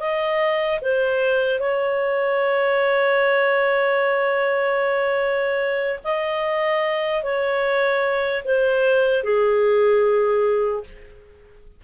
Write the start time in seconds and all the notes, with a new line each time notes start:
0.00 D#5
0.82 C5
1.60 C#5
6.04 D#5
7.24 C#5
8.45 C5
9.24 G#4